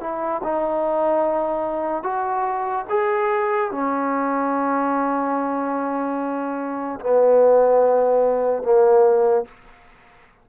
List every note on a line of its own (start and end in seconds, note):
0.00 0.41 E4
0.43 2.03 D#4
2.03 2.85 F#4
2.89 3.71 G#4
3.71 7.00 C#4
7.00 8.63 B3
8.63 9.45 A#3